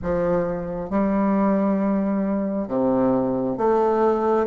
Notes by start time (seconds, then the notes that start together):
0.02 F3
0.90 G3
2.67 C3
3.57 A3